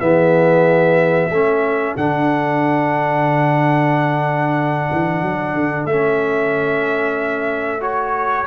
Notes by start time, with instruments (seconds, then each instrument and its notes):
0.00 tuba E3, trombone B3, horn G#4, trumpet E5
1.30 tuba A3, trombone C#4, horn A4
1.97 tuba D3, trombone D4, trumpet F#5
4.92 tuba E3
5.22 tuba F#3
5.54 tuba D3
5.85 tuba A3, trombone C#4, trumpet E5
7.81 trombone F#4, trumpet C#5